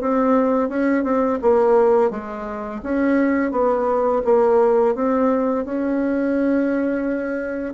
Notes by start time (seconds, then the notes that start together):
0.00 C4
0.69 C#4
1.03 C4
1.41 A#3
2.10 G#3
2.82 C#4
3.51 B3
4.24 A#3
4.94 C4
5.64 C#4